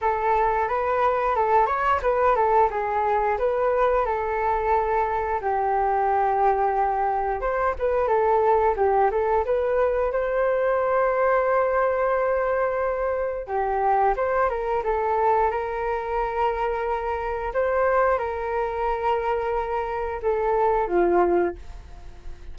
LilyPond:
\new Staff \with { instrumentName = "flute" } { \time 4/4 \tempo 4 = 89 a'4 b'4 a'8 cis''8 b'8 a'8 | gis'4 b'4 a'2 | g'2. c''8 b'8 | a'4 g'8 a'8 b'4 c''4~ |
c''1 | g'4 c''8 ais'8 a'4 ais'4~ | ais'2 c''4 ais'4~ | ais'2 a'4 f'4 | }